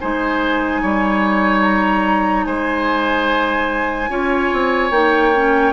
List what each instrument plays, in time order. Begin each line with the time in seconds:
0.00 bassoon G#3, clarinet D#4, oboe C5, flute G#5
0.82 bassoon G3, oboe C#5
1.62 flute A#5
2.45 bassoon G#3, oboe C5, flute G#5
4.09 bassoon C#4, clarinet F4, oboe C#5
4.53 bassoon C4
4.91 bassoon A#3, clarinet D#4, flute G5
5.36 clarinet C#4